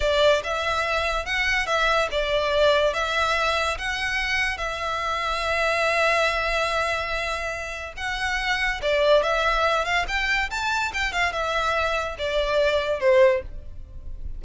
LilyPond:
\new Staff \with { instrumentName = "violin" } { \time 4/4 \tempo 4 = 143 d''4 e''2 fis''4 | e''4 d''2 e''4~ | e''4 fis''2 e''4~ | e''1~ |
e''2. fis''4~ | fis''4 d''4 e''4. f''8 | g''4 a''4 g''8 f''8 e''4~ | e''4 d''2 c''4 | }